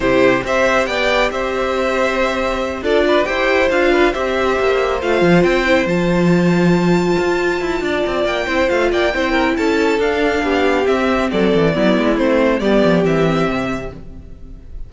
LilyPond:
<<
  \new Staff \with { instrumentName = "violin" } { \time 4/4 \tempo 4 = 138 c''4 e''4 g''4 e''4~ | e''2~ e''8 d''4 g''8~ | g''8 f''4 e''2 f''8~ | f''8 g''4 a''2~ a''8~ |
a''2. g''4 | f''8 g''4. a''4 f''4~ | f''4 e''4 d''2 | c''4 d''4 e''2 | }
  \new Staff \with { instrumentName = "violin" } { \time 4/4 g'4 c''4 d''4 c''4~ | c''2~ c''8 a'8 b'8 c''8~ | c''4 b'8 c''2~ c''8~ | c''1~ |
c''2 d''4. c''8~ | c''8 d''8 c''8 ais'8 a'2 | g'2 a'4 e'4~ | e'4 g'2. | }
  \new Staff \with { instrumentName = "viola" } { \time 4/4 e'4 g'2.~ | g'2~ g'8 f'4 g'8~ | g'8 f'4 g'2 f'8~ | f'4 e'8 f'2~ f'8~ |
f'2.~ f'8 e'8 | f'4 e'2 d'4~ | d'4 c'2 b4 | c'4 b4 c'2 | }
  \new Staff \with { instrumentName = "cello" } { \time 4/4 c4 c'4 b4 c'4~ | c'2~ c'8 d'4 e'8~ | e'8 d'4 c'4 ais4 a8 | f8 c'4 f2~ f8~ |
f8 f'4 e'8 d'8 c'8 ais8 c'8 | a8 ais8 c'4 cis'4 d'4 | b4 c'4 fis8 e8 fis8 gis8 | a4 g8 f8 e4 c4 | }
>>